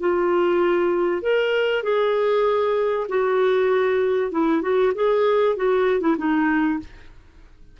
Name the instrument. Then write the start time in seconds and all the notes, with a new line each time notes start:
clarinet
0.00 F4
1.22 A#4
1.83 G#4
3.09 F#4
4.32 E4
4.62 F#4
4.95 G#4
5.57 F#4
6.01 E4
6.18 D#4